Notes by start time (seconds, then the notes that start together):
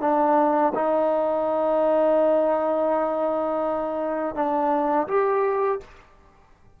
0.00 D4
0.74 D#4
4.35 D4
5.07 G4